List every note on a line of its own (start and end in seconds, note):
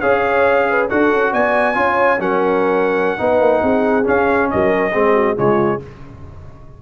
0.00 0.90 C#4
0.00 0.89 G#4
0.00 0.67 C#5
0.00 0.88 F5
0.70 0.89 B4
0.89 1.11 D4
0.89 1.75 F#4
0.89 1.33 A4
0.89 1.33 F#5
1.11 1.33 C#4
1.33 1.76 B3
1.33 1.76 D5
1.33 2.21 G#5
1.75 2.19 C#4
1.75 2.18 F4
1.75 2.20 C#5
2.19 3.18 F#3
2.19 3.18 C#4
2.19 3.19 A#4
2.19 4.07 F#5
3.18 3.40 B3
3.18 4.04 D#4
3.18 3.61 B4
3.40 3.62 A#3
3.61 4.06 C4
3.61 4.49 G#4
4.04 4.92 C#4
4.04 4.52 C#4
4.04 4.51 F5
4.51 4.95 F#3
4.51 4.92 A#4
4.51 5.38 D#5
4.92 5.38 G#3
4.92 5.36 C4
4.92 5.14 G#4
5.14 5.36 F#4
5.36 5.82 C#3
5.36 5.80 G#3
5.36 5.81 F4
5.36 5.82 C#5